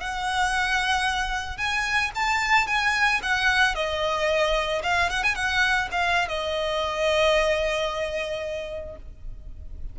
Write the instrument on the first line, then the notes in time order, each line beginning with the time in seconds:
violin
0.00 F#5
1.57 G#5
2.15 A5
2.67 G#5
3.22 F#5
3.75 D#5
4.83 F5
5.10 F#5
5.23 G#5
5.35 F#5
5.91 F5
6.28 D#5